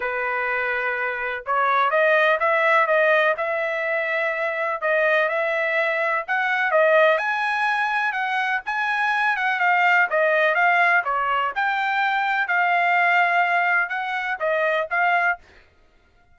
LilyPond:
\new Staff \with { instrumentName = "trumpet" } { \time 4/4 \tempo 4 = 125 b'2. cis''4 | dis''4 e''4 dis''4 e''4~ | e''2 dis''4 e''4~ | e''4 fis''4 dis''4 gis''4~ |
gis''4 fis''4 gis''4. fis''8 | f''4 dis''4 f''4 cis''4 | g''2 f''2~ | f''4 fis''4 dis''4 f''4 | }